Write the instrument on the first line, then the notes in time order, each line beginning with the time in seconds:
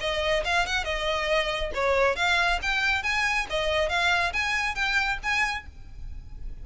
violin
0.00 D#5
0.44 F5
0.66 F#5
0.84 D#5
1.74 C#5
2.16 F5
2.62 G5
3.03 G#5
3.50 D#5
3.89 F5
4.33 G#5
4.75 G5
5.23 G#5